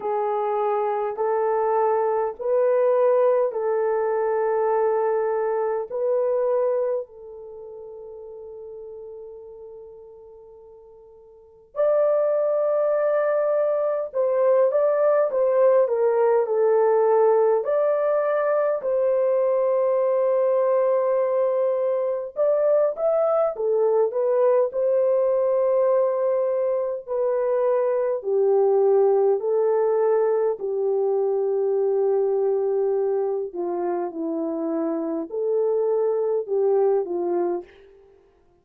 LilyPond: \new Staff \with { instrumentName = "horn" } { \time 4/4 \tempo 4 = 51 gis'4 a'4 b'4 a'4~ | a'4 b'4 a'2~ | a'2 d''2 | c''8 d''8 c''8 ais'8 a'4 d''4 |
c''2. d''8 e''8 | a'8 b'8 c''2 b'4 | g'4 a'4 g'2~ | g'8 f'8 e'4 a'4 g'8 f'8 | }